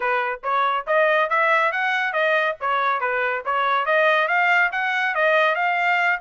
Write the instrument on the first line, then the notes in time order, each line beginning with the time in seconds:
trumpet
0.00 B4
0.43 C#5
0.86 D#5
1.29 E5
1.72 F#5
2.12 D#5
2.60 C#5
3.00 B4
3.45 C#5
3.85 D#5
4.27 F5
4.71 F#5
5.14 D#5
5.55 F5